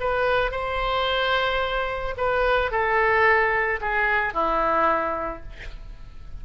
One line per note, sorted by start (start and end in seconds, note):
0.00 0.52 B4
0.52 2.15 C5
2.17 2.71 B4
2.71 3.80 A4
3.81 4.34 G#4
4.34 5.43 E4